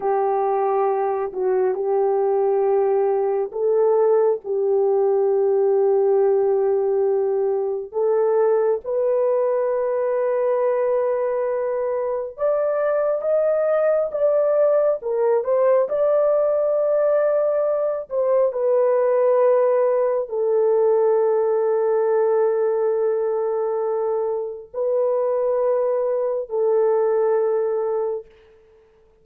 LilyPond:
\new Staff \with { instrumentName = "horn" } { \time 4/4 \tempo 4 = 68 g'4. fis'8 g'2 | a'4 g'2.~ | g'4 a'4 b'2~ | b'2 d''4 dis''4 |
d''4 ais'8 c''8 d''2~ | d''8 c''8 b'2 a'4~ | a'1 | b'2 a'2 | }